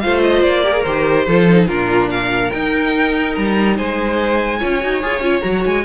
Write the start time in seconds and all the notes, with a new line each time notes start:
0.00 A3 F4 C5 F5
0.22 D#5
0.43 A#3 D5
0.64 G4 A#4
0.72 G#4
0.83 D#3 G4 C5
1.27 F3 F4 A4
1.49 D#4
1.67 A#2 D4 F4 A#4
2.10 A#4 F5
2.51 D#4 G5
3.35 G3 A#5
3.77 G#3 C5 G#5
4.59 C#4 F4 C#5
4.80 D#4 F#4
5.02 F4 G#4
5.20 C#4 F4
5.41 F#3 F#4 A#5
5.66 G#3 G#5